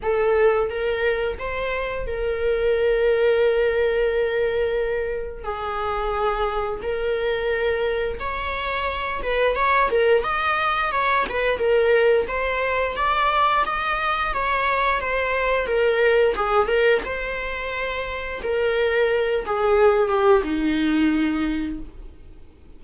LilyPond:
\new Staff \with { instrumentName = "viola" } { \time 4/4 \tempo 4 = 88 a'4 ais'4 c''4 ais'4~ | ais'1 | gis'2 ais'2 | cis''4. b'8 cis''8 ais'8 dis''4 |
cis''8 b'8 ais'4 c''4 d''4 | dis''4 cis''4 c''4 ais'4 | gis'8 ais'8 c''2 ais'4~ | ais'8 gis'4 g'8 dis'2 | }